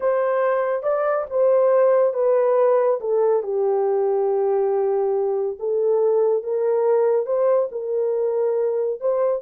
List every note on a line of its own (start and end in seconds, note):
0.00 0.82 C5
0.82 1.25 D5
1.30 2.13 C5
2.13 2.99 B4
3.00 3.42 A4
3.42 5.57 G4
5.59 6.43 A4
6.43 7.26 A#4
7.26 7.69 C5
7.71 9.00 A#4
9.00 9.42 C5